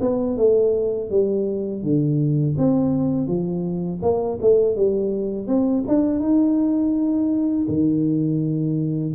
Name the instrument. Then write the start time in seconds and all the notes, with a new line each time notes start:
tuba
0.00 B3
0.37 A3
1.10 G3
1.83 D3
2.57 C4
3.27 F3
4.02 A#3
4.41 A3
4.76 G3
5.47 C4
5.87 D4
6.19 D#4
7.68 D#3